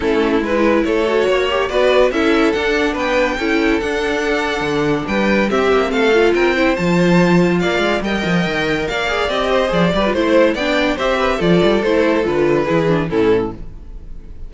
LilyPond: <<
  \new Staff \with { instrumentName = "violin" } { \time 4/4 \tempo 4 = 142 a'4 b'4 cis''2 | d''4 e''4 fis''4 g''4~ | g''4 fis''2. | g''4 e''4 f''4 g''4 |
a''2 f''4 g''4~ | g''4 f''4 dis''4 d''4 | c''4 g''4 e''4 d''4 | c''4 b'2 a'4 | }
  \new Staff \with { instrumentName = "violin" } { \time 4/4 e'2 a'4 cis''4 | b'4 a'2 b'4 | a'1 | b'4 g'4 a'4 ais'8 c''8~ |
c''2 d''4 dis''4~ | dis''4 d''4. c''4 b'8 | c''4 d''4 c''8 b'8 a'4~ | a'2 gis'4 e'4 | }
  \new Staff \with { instrumentName = "viola" } { \time 4/4 cis'4 e'4. fis'4 g'8 | fis'4 e'4 d'2 | e'4 d'2.~ | d'4 c'4. f'4 e'8 |
f'2. ais'4~ | ais'4. gis'8 g'4 gis'8 g'16 f'16 | e'4 d'4 g'4 f'4 | e'4 f'4 e'8 d'8 cis'4 | }
  \new Staff \with { instrumentName = "cello" } { \time 4/4 a4 gis4 a4 ais4 | b4 cis'4 d'4 b4 | cis'4 d'2 d4 | g4 c'8 ais8 a4 c'4 |
f2 ais8 gis8 g8 f8 | dis4 ais4 c'4 f8 g8 | a4 b4 c'4 f8 g8 | a4 d4 e4 a,4 | }
>>